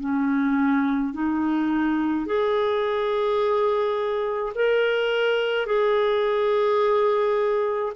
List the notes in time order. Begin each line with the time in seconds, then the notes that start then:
0.00 C#4
1.13 D#4
2.26 G#4
4.55 A#4
5.66 G#4